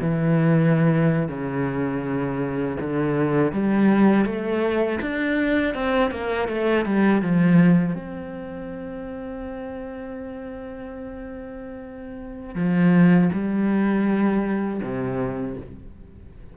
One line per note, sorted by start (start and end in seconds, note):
0.00 1.28 E3
1.28 2.76 C#3
2.80 3.52 D3
3.52 4.25 G3
4.25 4.99 A3
5.01 5.74 D4
5.74 6.11 C4
6.11 6.48 A#3
6.48 6.85 A3
6.85 7.22 G3
7.22 7.95 F3
7.95 12.55 C4
12.55 13.29 F3
13.33 14.81 G3
14.82 15.56 C3